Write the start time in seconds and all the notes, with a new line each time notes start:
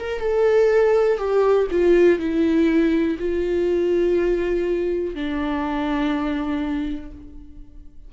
0.00 A#4
0.20 A4
1.18 G4
1.71 F4
2.19 E4
3.19 F4
5.15 D4